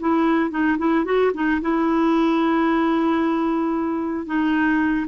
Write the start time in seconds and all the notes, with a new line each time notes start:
0.00 E4
0.50 D#4
0.78 E4
1.05 F#4
1.34 D#4
1.61 E4
4.26 D#4